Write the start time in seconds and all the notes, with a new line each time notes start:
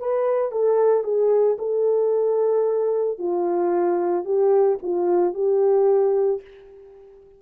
0.00 B4
0.52 A4
1.04 G#4
1.59 A4
3.19 F4
4.25 G4
4.83 F4
5.34 G4